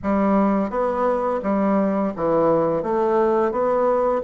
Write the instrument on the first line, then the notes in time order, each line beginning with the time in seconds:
bassoon
0.02 G3
0.70 B3
1.42 G3
2.15 E3
2.82 A3
3.51 B3